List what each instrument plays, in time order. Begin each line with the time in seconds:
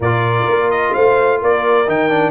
0.00 tuba A#2, trombone F4, horn A#4, trumpet D5
0.48 tuba A#3
0.71 trumpet D#5
0.93 tuba A3, horn C5, trumpet F5
1.41 tuba A#3, horn A#4, trumpet D5
1.87 tuba D#3, trombone D#4, trumpet G5
2.10 trombone D4